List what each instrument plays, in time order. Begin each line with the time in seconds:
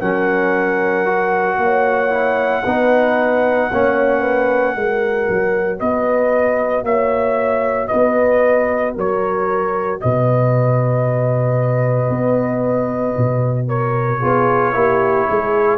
0.00 tuba F#3, trombone C#4, horn A#4, trumpet F#5
1.05 trombone F#4
1.57 tuba A#3, horn C#5
2.10 trombone E4
2.63 tuba B3, trombone D#4, horn B4
3.71 tuba A#3, trombone C#4, horn C#5
4.21 horn B4
4.74 tuba G#3, trombone F#4, horn A#4
5.29 tuba F#3
5.79 tuba B3, horn B4, trumpet D#5
6.83 tuba A#3, horn C#5, trumpet E5
7.87 tuba B3, horn B4, trumpet D#5
8.94 tuba F#3, horn A#4, trumpet C#5
10.00 tuba B2, horn B4, trumpet D#5
12.09 tuba B3
13.17 tuba B2
13.68 horn A#4, trumpet C#5
14.20 tuba B3, trombone F4, horn G#4
14.73 tuba A#3, trombone E4, horn G4
15.28 tuba G#3, horn G#4